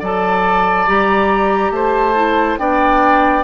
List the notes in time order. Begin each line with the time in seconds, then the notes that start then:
0.00 F#3 A4 D5 A5
0.87 G3 G4 A#5
1.71 A3 C5 A5
2.15 E4
2.58 B3 D4 D5 G5